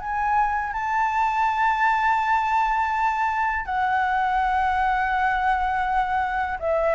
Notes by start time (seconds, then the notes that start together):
0.00 G#5
0.73 A5
3.66 F#5
6.59 E5